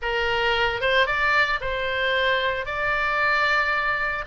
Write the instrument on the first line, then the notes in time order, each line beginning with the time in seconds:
oboe
0.01 A#4
0.81 C5
1.06 D5
1.60 C5
2.65 D5